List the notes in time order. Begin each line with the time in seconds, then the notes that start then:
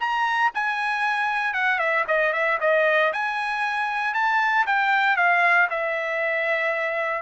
0.00 A#5
0.55 G#5
1.54 F#5
1.79 E5
2.08 D#5
2.33 E5
2.61 D#5
3.13 G#5
4.14 A5
4.66 G5
5.17 F5
5.70 E5